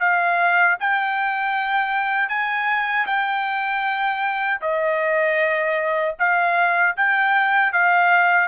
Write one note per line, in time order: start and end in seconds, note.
0.00 0.77 F5
0.80 2.29 G5
2.29 3.06 G#5
3.07 4.60 G5
4.62 6.15 D#5
6.19 6.96 F5
6.97 7.73 G5
7.73 8.48 F5